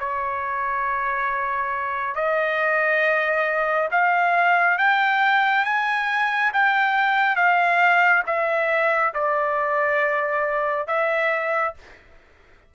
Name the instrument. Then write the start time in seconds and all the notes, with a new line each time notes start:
trumpet
0.00 C#5
2.15 D#5
3.92 F5
4.79 G5
5.65 G#5
6.54 G5
7.37 F5
8.27 E5
9.15 D5
10.88 E5